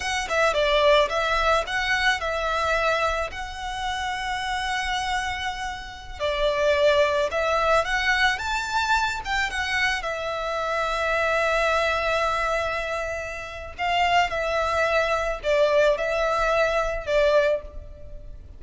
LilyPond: \new Staff \with { instrumentName = "violin" } { \time 4/4 \tempo 4 = 109 fis''8 e''8 d''4 e''4 fis''4 | e''2 fis''2~ | fis''2.~ fis''16 d''8.~ | d''4~ d''16 e''4 fis''4 a''8.~ |
a''8. g''8 fis''4 e''4.~ e''16~ | e''1~ | e''4 f''4 e''2 | d''4 e''2 d''4 | }